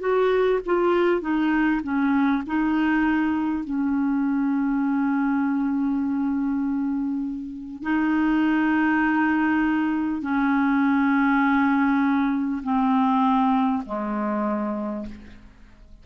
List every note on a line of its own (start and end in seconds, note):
0.00 0.60 F#4
0.65 1.21 F4
1.21 1.81 D#4
1.83 2.43 C#4
2.47 3.64 D#4
3.64 7.82 C#4
7.82 10.22 D#4
10.22 12.62 C#4
12.63 13.83 C4
13.86 15.06 G#3